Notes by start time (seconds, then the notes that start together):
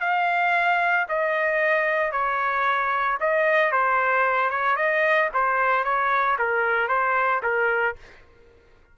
0.00 F5
1.08 D#5
2.12 C#5
3.20 D#5
3.71 C5
4.50 C#5
4.76 D#5
5.33 C5
5.84 C#5
6.38 A#4
6.88 C5
7.42 A#4